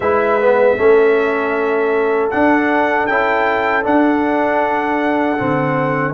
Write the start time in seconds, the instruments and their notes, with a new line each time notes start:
0.00 tuba G#3, trombone E4, horn B4, trumpet E5
0.41 trombone B3
0.77 tuba A3, trombone C#4, horn A4
2.30 trombone D4, tuba D4, trumpet F#5
3.06 tuba C#4, trombone E4, trumpet G5
3.83 trombone D4, tuba D4, trumpet F#5
5.37 tuba D3, trombone C4